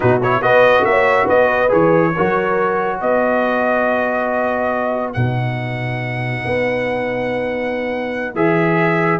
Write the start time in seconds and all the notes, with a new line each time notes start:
0.00 B2 D#4 F#4 B4
0.22 E4 C#5
0.41 B3 F#4 B4 D#5
0.84 A#3 C#5 E5
1.24 B3 B4 D#5
1.68 E3 G#4 C#5
2.15 F#3 F#4 A#4
2.99 B3 B4 D#5
5.13 B2 D#4 F#5
6.45 B3
8.34 E3 G#4 E5